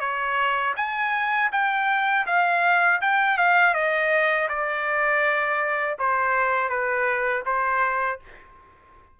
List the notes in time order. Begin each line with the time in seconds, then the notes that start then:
0.00 C#5
0.76 G#5
1.52 G5
2.26 F5
3.01 G5
3.37 F5
3.74 D#5
4.49 D5
5.99 C5
6.69 B4
7.45 C5